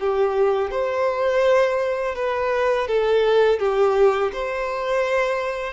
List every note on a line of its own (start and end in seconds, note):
0.00 0.71 G4
0.71 2.15 C5
2.15 2.88 B4
2.88 3.59 A4
3.59 4.32 G4
4.33 5.73 C5